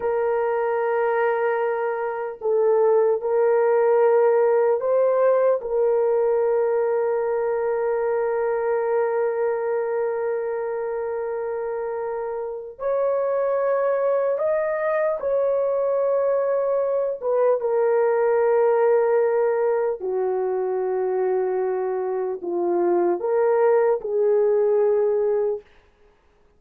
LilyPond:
\new Staff \with { instrumentName = "horn" } { \time 4/4 \tempo 4 = 75 ais'2. a'4 | ais'2 c''4 ais'4~ | ais'1~ | ais'1 |
cis''2 dis''4 cis''4~ | cis''4. b'8 ais'2~ | ais'4 fis'2. | f'4 ais'4 gis'2 | }